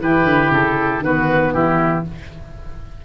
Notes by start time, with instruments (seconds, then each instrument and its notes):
0.00 tuba E3, saxophone E4, oboe G4 B4
0.24 tuba D3
0.51 tuba C#3, oboe A4
1.00 tuba D#3, saxophone B3, oboe F#4 B4
1.53 tuba E3, oboe E4 G4